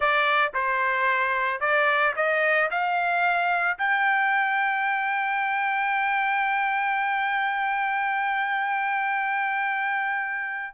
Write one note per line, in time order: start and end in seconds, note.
0.00 0.52 D5
0.54 1.60 C5
1.60 2.14 D5
2.16 2.69 D#5
2.71 3.78 F5
3.78 10.74 G5